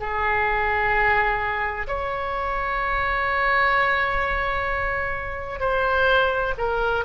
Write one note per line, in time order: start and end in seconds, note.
0.00 1.87 G#4
1.88 5.60 C#5
5.60 6.54 C5
6.58 7.05 A#4